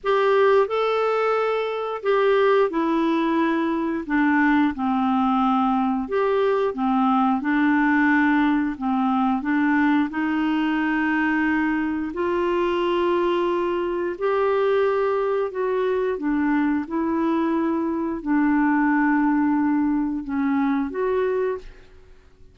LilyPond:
\new Staff \with { instrumentName = "clarinet" } { \time 4/4 \tempo 4 = 89 g'4 a'2 g'4 | e'2 d'4 c'4~ | c'4 g'4 c'4 d'4~ | d'4 c'4 d'4 dis'4~ |
dis'2 f'2~ | f'4 g'2 fis'4 | d'4 e'2 d'4~ | d'2 cis'4 fis'4 | }